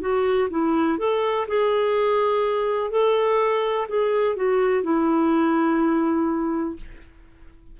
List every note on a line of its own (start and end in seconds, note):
0.00 0.48 F#4
0.50 0.98 E4
0.98 1.46 A4
1.47 2.90 G#4
2.90 3.87 A4
3.88 4.35 G#4
4.35 4.83 F#4
4.83 6.76 E4